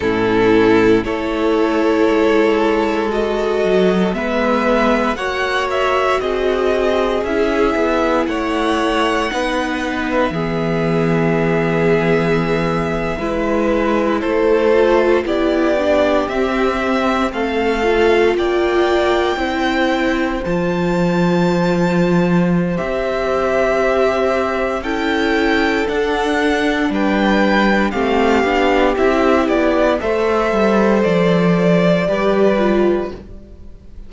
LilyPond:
<<
  \new Staff \with { instrumentName = "violin" } { \time 4/4 \tempo 4 = 58 a'4 cis''2 dis''4 | e''4 fis''8 e''8 dis''4 e''4 | fis''4.~ fis''16 e''2~ e''16~ | e''4.~ e''16 c''4 d''4 e''16~ |
e''8. f''4 g''2 a''16~ | a''2 e''2 | g''4 fis''4 g''4 f''4 | e''8 d''8 e''4 d''2 | }
  \new Staff \with { instrumentName = "violin" } { \time 4/4 e'4 a'2. | b'4 cis''4 gis'2 | cis''4 b'4 gis'2~ | gis'8. b'4 a'4 g'4~ g'16~ |
g'8. a'4 d''4 c''4~ c''16~ | c''1 | a'2 b'4 g'4~ | g'4 c''2 b'4 | }
  \new Staff \with { instrumentName = "viola" } { \time 4/4 cis'4 e'2 fis'4 | b4 fis'2 e'4~ | e'4 dis'4 b2~ | b8. e'4. f'8 e'8 d'8 c'16~ |
c'4~ c'16 f'4. e'4 f'16~ | f'2 g'2 | e'4 d'2 c'8 d'8 | e'4 a'2 g'8 f'8 | }
  \new Staff \with { instrumentName = "cello" } { \time 4/4 a,4 a4 gis4. fis8 | gis4 ais4 c'4 cis'8 b8 | a4 b4 e2~ | e8. gis4 a4 b4 c'16~ |
c'8. a4 ais4 c'4 f16~ | f2 c'2 | cis'4 d'4 g4 a8 b8 | c'8 b8 a8 g8 f4 g4 | }
>>